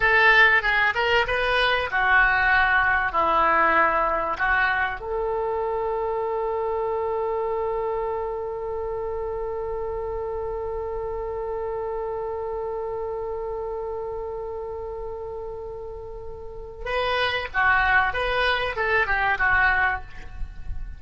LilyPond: \new Staff \with { instrumentName = "oboe" } { \time 4/4 \tempo 4 = 96 a'4 gis'8 ais'8 b'4 fis'4~ | fis'4 e'2 fis'4 | a'1~ | a'1~ |
a'1~ | a'1~ | a'2. b'4 | fis'4 b'4 a'8 g'8 fis'4 | }